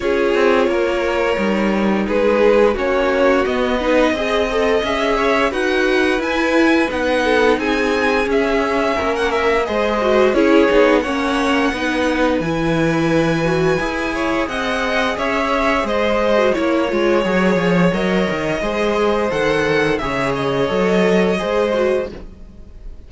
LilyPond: <<
  \new Staff \with { instrumentName = "violin" } { \time 4/4 \tempo 4 = 87 cis''2. b'4 | cis''4 dis''2 e''4 | fis''4 gis''4 fis''4 gis''4 | e''4~ e''16 fis''16 e''8 dis''4 cis''4 |
fis''2 gis''2~ | gis''4 fis''4 e''4 dis''4 | cis''2 dis''2 | fis''4 e''8 dis''2~ dis''8 | }
  \new Staff \with { instrumentName = "violin" } { \time 4/4 gis'4 ais'2 gis'4 | fis'4. b'8 dis''4. cis''8 | b'2~ b'8 a'8 gis'4~ | gis'4 ais'4 c''4 gis'4 |
cis''4 b'2.~ | b'8 cis''8 dis''4 cis''4 c''4 | cis''2. c''4~ | c''4 cis''2 c''4 | }
  \new Staff \with { instrumentName = "viola" } { \time 4/4 f'2 dis'2 | cis'4 b8 dis'8 gis'8 a'8 gis'4 | fis'4 e'4 dis'2 | cis'2 gis'8 fis'8 e'8 dis'8 |
cis'4 dis'4 e'4. fis'8 | gis'2.~ gis'8. fis'16 | e'8 f'8 gis'4 ais'4 gis'4 | a'4 gis'4 a'4 gis'8 fis'8 | }
  \new Staff \with { instrumentName = "cello" } { \time 4/4 cis'8 c'8 ais4 g4 gis4 | ais4 b4 c'4 cis'4 | dis'4 e'4 b4 c'4 | cis'4 ais4 gis4 cis'8 b8 |
ais4 b4 e2 | e'4 c'4 cis'4 gis4 | ais8 gis8 fis8 f8 fis8 dis8 gis4 | dis4 cis4 fis4 gis4 | }
>>